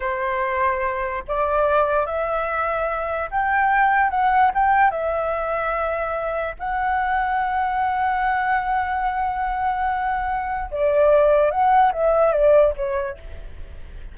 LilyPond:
\new Staff \with { instrumentName = "flute" } { \time 4/4 \tempo 4 = 146 c''2. d''4~ | d''4 e''2. | g''2 fis''4 g''4 | e''1 |
fis''1~ | fis''1~ | fis''2 d''2 | fis''4 e''4 d''4 cis''4 | }